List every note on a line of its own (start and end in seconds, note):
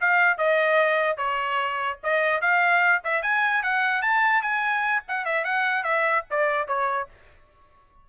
0.00 0.37 F5
0.37 1.17 D#5
1.17 1.98 C#5
2.03 2.41 D#5
2.41 3.02 F5
3.04 3.22 E5
3.22 3.63 G#5
3.63 4.02 F#5
4.02 4.42 A5
4.42 5.02 G#5
5.08 5.25 F#5
5.25 5.44 E5
5.44 5.83 F#5
5.83 6.24 E5
6.30 6.67 D5
6.67 7.08 C#5